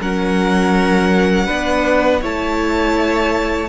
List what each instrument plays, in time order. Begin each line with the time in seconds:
0.00 cello F#3, viola C#4, violin A#4 F#5
1.46 cello B3, viola D4, violin B4
2.22 cello A3, viola E4, violin C#5 A5